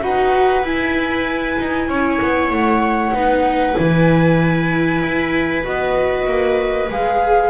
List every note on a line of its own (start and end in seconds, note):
0.00 0.63 D#4
0.00 0.62 F#4
0.00 1.89 B4
0.00 0.65 F#5
0.63 1.57 E4
0.63 3.14 E4
0.63 2.52 G#5
1.59 1.88 D#4
1.88 2.19 C#4
1.88 3.14 C#5
2.22 2.50 B3
2.50 3.12 A3
2.50 3.76 F#5
3.13 3.75 B3
3.13 3.73 D#4
3.13 7.50 B4
3.73 5.02 E3
3.73 5.61 E4
3.73 5.64 G#5
5.02 5.65 E4
5.63 6.26 B3
5.63 6.88 F#4
5.63 6.90 D#5
6.26 6.89 A#3
6.89 7.50 G#3
6.89 7.50 G#4
6.89 7.50 F5